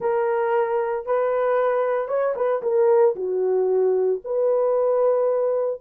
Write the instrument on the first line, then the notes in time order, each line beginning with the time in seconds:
horn
0.00 A#4
1.06 B4
2.08 C#5
2.35 B4
2.62 A#4
3.15 F#4
4.24 B4